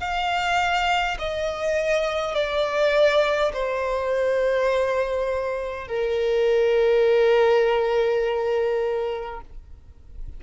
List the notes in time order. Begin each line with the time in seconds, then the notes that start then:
0.00 F5
1.19 D#5
2.34 D5
3.53 C5
5.88 A#4